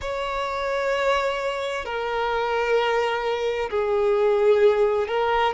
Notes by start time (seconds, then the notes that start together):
0.01 C#5
1.85 A#4
3.69 G#4
5.07 A#4